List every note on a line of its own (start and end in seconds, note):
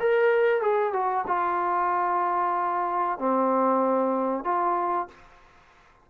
0.00 0.62 A#4
0.62 0.93 G#4
0.93 1.25 F#4
1.27 3.19 F4
3.19 4.44 C4
4.44 5.08 F4